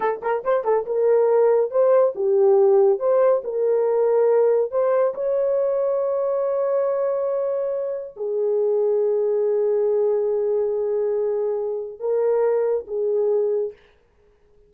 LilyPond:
\new Staff \with { instrumentName = "horn" } { \time 4/4 \tempo 4 = 140 a'8 ais'8 c''8 a'8 ais'2 | c''4 g'2 c''4 | ais'2. c''4 | cis''1~ |
cis''2. gis'4~ | gis'1~ | gis'1 | ais'2 gis'2 | }